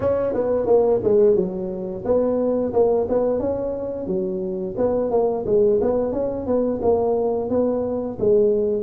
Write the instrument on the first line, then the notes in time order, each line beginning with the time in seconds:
tuba
0.00 C#4
0.33 B3
0.66 A#3
1.03 G#3
1.35 F#3
2.04 B3
2.73 A#3
3.08 B3
3.39 C#4
4.07 F#3
4.77 B3
5.10 A#3
5.45 G#3
5.81 B3
6.12 C#4
6.46 B3
6.82 A#3
7.49 B3
8.19 G#3